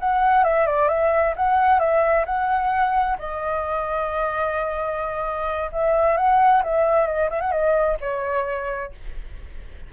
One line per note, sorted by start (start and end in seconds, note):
0.00 0.44 F#5
0.44 0.66 E5
0.66 0.88 D5
0.88 1.34 E5
1.36 1.79 F#5
1.79 2.25 E5
2.26 3.17 F#5
3.19 5.71 D#5
5.73 6.17 E5
6.17 6.63 F#5
6.64 7.07 E5
7.07 7.30 D#5
7.30 7.41 E5
7.41 7.52 F#5
7.52 7.97 D#5
8.01 8.93 C#5